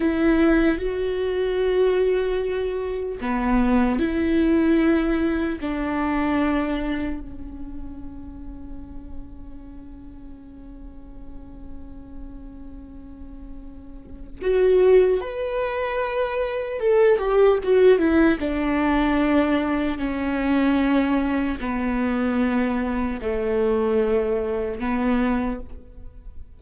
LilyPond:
\new Staff \with { instrumentName = "viola" } { \time 4/4 \tempo 4 = 75 e'4 fis'2. | b4 e'2 d'4~ | d'4 cis'2.~ | cis'1~ |
cis'2 fis'4 b'4~ | b'4 a'8 g'8 fis'8 e'8 d'4~ | d'4 cis'2 b4~ | b4 a2 b4 | }